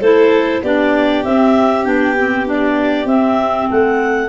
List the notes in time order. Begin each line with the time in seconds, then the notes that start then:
0.00 A3 E4 A4 C5
0.63 B3 D4 G4 D5
1.24 C4 E5
1.84 B3 D4 G5
2.18 C4
2.46 D4 D5
3.05 C4 E5
3.69 A3 A4 F#5